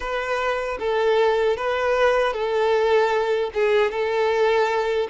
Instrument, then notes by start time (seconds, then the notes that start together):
violin
0.00 B4
0.79 A4
1.57 B4
2.33 A4
3.53 G#4
3.91 A4